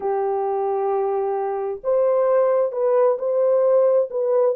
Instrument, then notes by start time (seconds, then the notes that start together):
horn
0.00 G4
1.83 C5
2.72 B4
3.18 C5
4.10 B4